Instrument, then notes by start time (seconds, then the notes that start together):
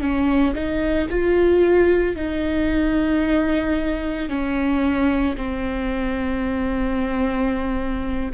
viola
0.00 C#4
0.54 D#4
1.10 F4
2.16 D#4
4.29 C#4
5.36 C4